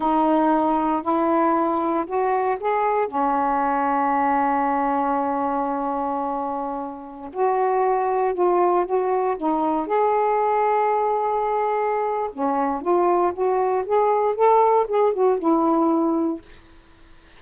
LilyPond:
\new Staff \with { instrumentName = "saxophone" } { \time 4/4 \tempo 4 = 117 dis'2 e'2 | fis'4 gis'4 cis'2~ | cis'1~ | cis'2~ cis'16 fis'4.~ fis'16~ |
fis'16 f'4 fis'4 dis'4 gis'8.~ | gis'1 | cis'4 f'4 fis'4 gis'4 | a'4 gis'8 fis'8 e'2 | }